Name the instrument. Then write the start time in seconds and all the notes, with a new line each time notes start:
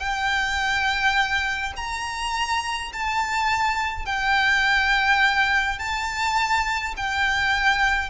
violin
0.00 G5
1.77 A#5
2.93 A5
4.06 G5
5.79 A5
6.97 G5